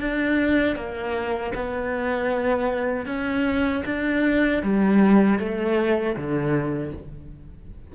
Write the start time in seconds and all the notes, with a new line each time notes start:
0.00 D4
0.76 A#3
1.55 B3
3.06 C#4
3.86 D4
4.63 G3
5.40 A3
6.16 D3